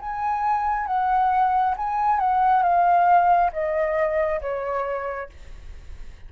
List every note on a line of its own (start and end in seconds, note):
0.00 0.87 G#5
0.87 1.75 F#5
1.77 2.20 G#5
2.20 2.63 F#5
2.63 3.51 F5
3.53 4.41 D#5
4.42 5.30 C#5